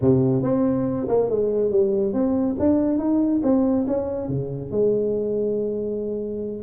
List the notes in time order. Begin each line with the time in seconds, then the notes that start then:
0.01 C3
0.42 C4
1.08 A#3
1.29 G#3
1.70 G3
2.13 C4
2.59 D4
2.98 D#4
3.43 C4
3.87 C#4
4.28 C#3
4.71 G#3